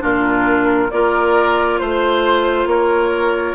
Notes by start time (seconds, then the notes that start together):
0.00 A#2 D4 F4 A#4
0.91 A#3 F4 A#4 D5
1.78 A3 C5
2.66 A#3 A#4 C#5